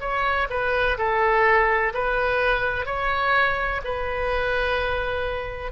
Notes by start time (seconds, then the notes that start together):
0.00 C#5
0.49 B4
0.97 A4
1.94 B4
2.85 C#5
3.84 B4